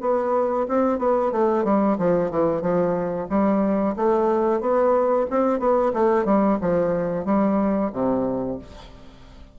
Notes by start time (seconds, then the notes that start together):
0.00 B3
0.67 C4
0.98 B3
1.31 A3
1.64 G3
1.98 F3
2.30 E3
2.61 F3
3.29 G3
3.96 A3
4.60 B3
5.30 C4
5.59 B3
5.93 A3
6.25 G3
6.61 F3
7.25 G3
7.92 C3